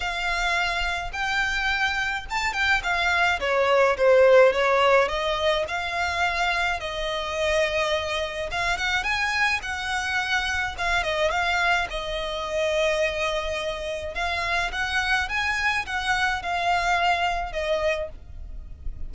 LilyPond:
\new Staff \with { instrumentName = "violin" } { \time 4/4 \tempo 4 = 106 f''2 g''2 | a''8 g''8 f''4 cis''4 c''4 | cis''4 dis''4 f''2 | dis''2. f''8 fis''8 |
gis''4 fis''2 f''8 dis''8 | f''4 dis''2.~ | dis''4 f''4 fis''4 gis''4 | fis''4 f''2 dis''4 | }